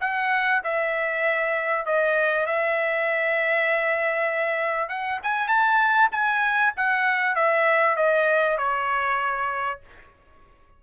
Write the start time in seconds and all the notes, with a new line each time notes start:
0.00 F#5
0.63 E5
1.85 D#5
2.45 E5
4.89 F#5
5.23 G#5
5.47 A5
6.11 G#5
6.76 F#5
7.35 E5
7.96 D#5
8.57 C#5